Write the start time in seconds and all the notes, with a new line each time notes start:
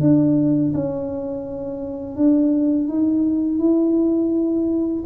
0.00 D4
0.74 C#4
2.16 D4
2.88 D#4
3.58 E4